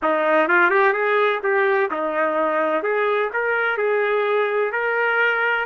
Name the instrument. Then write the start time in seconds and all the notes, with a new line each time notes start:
trumpet
0.02 D#4
0.48 F4
0.70 G4
0.93 G#4
1.43 G4
1.90 D#4
2.83 G#4
3.33 A#4
3.77 G#4
4.72 A#4